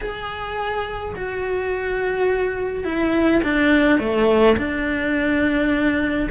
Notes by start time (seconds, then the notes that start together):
0.01 G#4
1.15 F#4
2.84 E4
3.43 D4
3.99 A3
4.57 D4